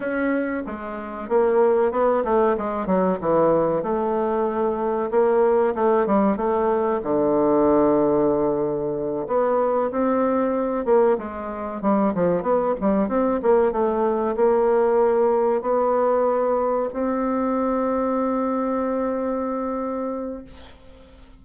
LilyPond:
\new Staff \with { instrumentName = "bassoon" } { \time 4/4 \tempo 4 = 94 cis'4 gis4 ais4 b8 a8 | gis8 fis8 e4 a2 | ais4 a8 g8 a4 d4~ | d2~ d8 b4 c'8~ |
c'4 ais8 gis4 g8 f8 b8 | g8 c'8 ais8 a4 ais4.~ | ais8 b2 c'4.~ | c'1 | }